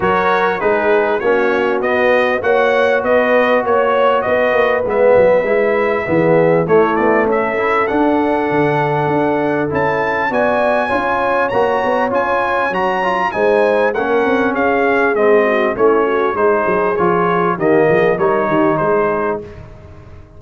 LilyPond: <<
  \new Staff \with { instrumentName = "trumpet" } { \time 4/4 \tempo 4 = 99 cis''4 b'4 cis''4 dis''4 | fis''4 dis''4 cis''4 dis''4 | e''2. cis''8 d''8 | e''4 fis''2. |
a''4 gis''2 ais''4 | gis''4 ais''4 gis''4 fis''4 | f''4 dis''4 cis''4 c''4 | cis''4 dis''4 cis''4 c''4 | }
  \new Staff \with { instrumentName = "horn" } { \time 4/4 ais'4 gis'4 fis'2 | cis''4 b'4 cis''4 b'4~ | b'2 gis'4 e'4 | a'1~ |
a'4 d''4 cis''2~ | cis''2 c''4 ais'4 | gis'4. fis'8 e'8 fis'8 gis'4~ | gis'4 g'8 gis'8 ais'8 g'8 gis'4 | }
  \new Staff \with { instrumentName = "trombone" } { \time 4/4 fis'4 dis'4 cis'4 b4 | fis'1 | b4 e'4 b4 a4~ | a8 e'8 d'2. |
e'4 fis'4 f'4 fis'4 | f'4 fis'8 f'8 dis'4 cis'4~ | cis'4 c'4 cis'4 dis'4 | f'4 ais4 dis'2 | }
  \new Staff \with { instrumentName = "tuba" } { \time 4/4 fis4 gis4 ais4 b4 | ais4 b4 ais4 b8 ais8 | gis8 fis8 gis4 e4 a8 b8 | cis'4 d'4 d4 d'4 |
cis'4 b4 cis'4 ais8 b8 | cis'4 fis4 gis4 ais8 c'8 | cis'4 gis4 a4 gis8 fis8 | f4 dis8 f8 g8 dis8 gis4 | }
>>